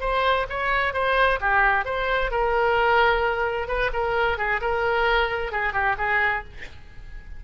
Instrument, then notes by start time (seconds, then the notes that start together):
oboe
0.00 C5
0.49 C#5
0.93 C5
1.40 G4
1.85 C5
2.30 A#4
3.67 B4
3.92 A#4
4.38 G#4
4.61 A#4
5.51 G#4
5.73 G4
5.98 G#4